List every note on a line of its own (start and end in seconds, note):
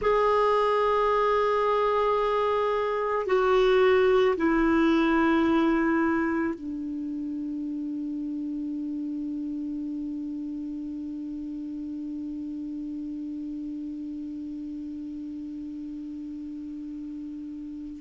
0.01 3.26 G#4
3.26 4.35 F#4
4.36 6.54 E4
6.54 18.00 D4